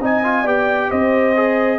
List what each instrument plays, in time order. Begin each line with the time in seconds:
0.00 tuba C4, trombone D#4, horn D#5, trumpet G#5
0.23 trombone F4
0.42 tuba B3, trombone G4, horn D5, trumpet G5
0.89 tuba C4, horn C5, trumpet D#5
1.35 trombone G#4